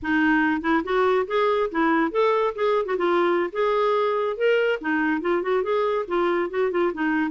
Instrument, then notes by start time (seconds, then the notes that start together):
clarinet
0.02 D#4
0.61 E4
0.84 F#4
1.27 G#4
1.71 E4
2.11 A4
2.55 G#4
2.85 F#4
2.97 F4
3.52 G#4
4.36 A#4
4.80 D#4
5.21 F4
5.42 F#4
5.63 G#4
6.07 F4
6.50 F#4
6.71 F4
6.93 D#4